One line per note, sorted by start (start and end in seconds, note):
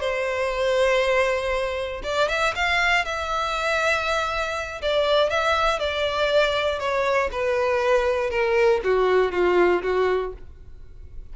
0.00 2.02 C5
2.03 2.28 D5
2.28 2.53 E5
2.55 3.05 F5
3.05 4.81 E5
4.82 5.30 D5
5.30 5.79 E5
5.79 6.79 D5
6.79 7.30 C#5
7.32 8.30 B4
8.30 8.80 A#4
8.84 9.32 F#4
9.32 9.82 F4
9.83 10.33 F#4